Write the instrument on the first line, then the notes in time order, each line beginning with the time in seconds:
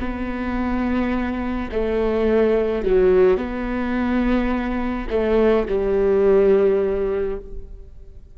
viola
0.00 B3
1.71 A3
2.85 F#3
3.37 B3
5.10 A3
5.68 G3